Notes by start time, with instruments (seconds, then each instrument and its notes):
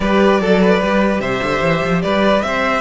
0.00 cello G3, viola G4, violin B4 D5
0.40 cello F#3, violin A4, viola A4
0.61 violin B4
0.80 cello G3, viola G4
1.20 cello C3, violin C5 E5
1.43 cello D3
1.61 cello E3
1.84 cello F3
2.01 cello G3, violin B4 D5
2.42 cello C4, violin C5 E5